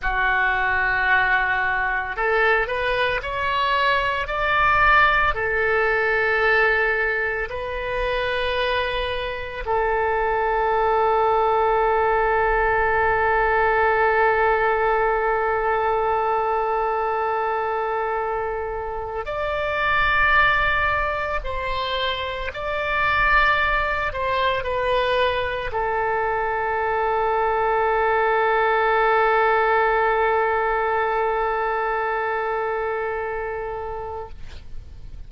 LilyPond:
\new Staff \with { instrumentName = "oboe" } { \time 4/4 \tempo 4 = 56 fis'2 a'8 b'8 cis''4 | d''4 a'2 b'4~ | b'4 a'2.~ | a'1~ |
a'2 d''2 | c''4 d''4. c''8 b'4 | a'1~ | a'1 | }